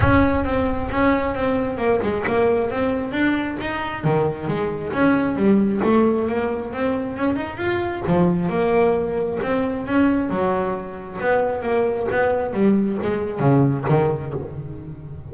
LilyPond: \new Staff \with { instrumentName = "double bass" } { \time 4/4 \tempo 4 = 134 cis'4 c'4 cis'4 c'4 | ais8 gis8 ais4 c'4 d'4 | dis'4 dis4 gis4 cis'4 | g4 a4 ais4 c'4 |
cis'8 dis'8 f'4 f4 ais4~ | ais4 c'4 cis'4 fis4~ | fis4 b4 ais4 b4 | g4 gis4 cis4 dis4 | }